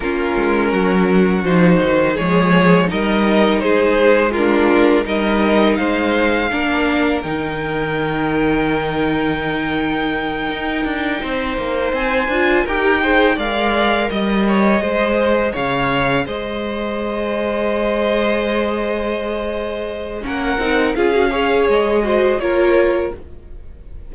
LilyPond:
<<
  \new Staff \with { instrumentName = "violin" } { \time 4/4 \tempo 4 = 83 ais'2 c''4 cis''4 | dis''4 c''4 ais'4 dis''4 | f''2 g''2~ | g''1~ |
g''8 gis''4 g''4 f''4 dis''8~ | dis''4. f''4 dis''4.~ | dis''1 | fis''4 f''4 dis''4 cis''4 | }
  \new Staff \with { instrumentName = "violin" } { \time 4/4 f'4 fis'2 gis'4 | ais'4 gis'4 f'4 ais'4 | c''4 ais'2.~ | ais'2.~ ais'8 c''8~ |
c''4. ais'8 c''8 d''4 dis''8 | cis''8 c''4 cis''4 c''4.~ | c''1 | ais'4 gis'8 cis''4 c''8 ais'4 | }
  \new Staff \with { instrumentName = "viola" } { \time 4/4 cis'2 dis'4 gis4 | dis'2 d'4 dis'4~ | dis'4 d'4 dis'2~ | dis'1~ |
dis'4 f'8 g'8 gis'8 ais'4.~ | ais'8 gis'2.~ gis'8~ | gis'1 | cis'8 dis'8 f'16 fis'16 gis'4 fis'8 f'4 | }
  \new Staff \with { instrumentName = "cello" } { \time 4/4 ais8 gis8 fis4 f8 dis8 f4 | g4 gis2 g4 | gis4 ais4 dis2~ | dis2~ dis8 dis'8 d'8 c'8 |
ais8 c'8 d'8 dis'4 gis4 g8~ | g8 gis4 cis4 gis4.~ | gis1 | ais8 c'8 cis'4 gis4 ais4 | }
>>